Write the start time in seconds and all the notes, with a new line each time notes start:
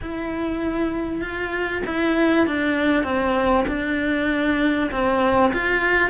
0.01 E4
1.21 F4
1.85 E4
2.46 D4
3.03 C4
3.68 D4
4.91 C4
5.53 F4